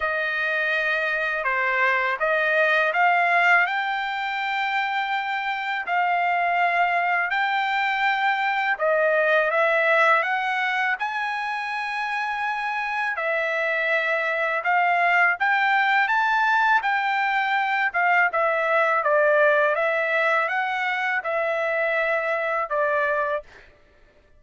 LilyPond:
\new Staff \with { instrumentName = "trumpet" } { \time 4/4 \tempo 4 = 82 dis''2 c''4 dis''4 | f''4 g''2. | f''2 g''2 | dis''4 e''4 fis''4 gis''4~ |
gis''2 e''2 | f''4 g''4 a''4 g''4~ | g''8 f''8 e''4 d''4 e''4 | fis''4 e''2 d''4 | }